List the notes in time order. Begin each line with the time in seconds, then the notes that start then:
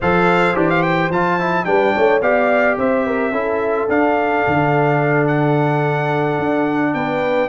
0.00 F3 A4 C5 F5
0.54 E3 D4 G4
0.70 F5
0.82 G5
1.09 F3 F4 A5
1.39 E4
1.64 G3 D4 B4 G5
1.94 A3 C#5
2.21 B3 G4 D5 F5
2.77 C4 C5 E5
3.06 A#4
3.31 C#4 E4 A4
3.88 D4 F5
4.47 D3
5.27 F#5
6.38 D4
6.94 B3 B4 G5